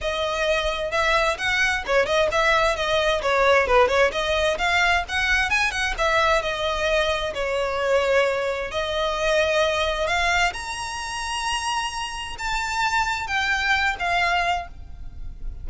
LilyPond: \new Staff \with { instrumentName = "violin" } { \time 4/4 \tempo 4 = 131 dis''2 e''4 fis''4 | cis''8 dis''8 e''4 dis''4 cis''4 | b'8 cis''8 dis''4 f''4 fis''4 | gis''8 fis''8 e''4 dis''2 |
cis''2. dis''4~ | dis''2 f''4 ais''4~ | ais''2. a''4~ | a''4 g''4. f''4. | }